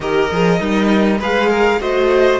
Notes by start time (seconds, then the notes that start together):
0.00 D#3 G4 A#4 D#5
0.31 F3 G#4
0.59 G3 D#4 A#4
1.19 G#3 G#4 B4 F5
1.49 A#4
1.80 A3 F#4 C5 D#5